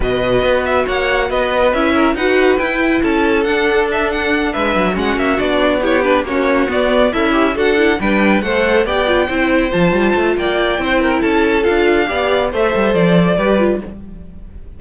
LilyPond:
<<
  \new Staff \with { instrumentName = "violin" } { \time 4/4 \tempo 4 = 139 dis''4. e''8 fis''4 dis''4 | e''4 fis''4 g''4 a''4 | fis''4 e''8 fis''4 e''4 fis''8 | e''8 d''4 cis''8 b'8 cis''4 d''8~ |
d''8 e''4 fis''4 g''4 fis''8~ | fis''8 g''2 a''4. | g''2 a''4 f''4~ | f''4 e''4 d''2 | }
  \new Staff \with { instrumentName = "violin" } { \time 4/4 b'2 cis''4 b'4~ | b'8 ais'8 b'2 a'4~ | a'2~ a'8 b'4 fis'8~ | fis'4. g'4 fis'4.~ |
fis'8 e'4 a'4 b'4 c''8~ | c''8 d''4 c''2~ c''8 | d''4 c''8 ais'8 a'2 | d''4 c''2 b'4 | }
  \new Staff \with { instrumentName = "viola" } { \time 4/4 fis'1 | e'4 fis'4 e'2 | d'2.~ d'8 cis'8~ | cis'8 d'4 e'8 d'8 cis'4 b8~ |
b8 a'8 g'8 fis'8 e'8 d'4 a'8~ | a'8 g'8 f'8 e'4 f'4.~ | f'4 e'2 f'4 | g'4 a'2 g'8 f'8 | }
  \new Staff \with { instrumentName = "cello" } { \time 4/4 b,4 b4 ais4 b4 | cis'4 dis'4 e'4 cis'4 | d'2~ d'8 gis8 fis8 gis8 | ais8 b2 ais4 b8~ |
b8 cis'4 d'4 g4 a8~ | a8 b4 c'4 f8 g8 a8 | ais4 c'4 cis'4 d'4 | b4 a8 g8 f4 g4 | }
>>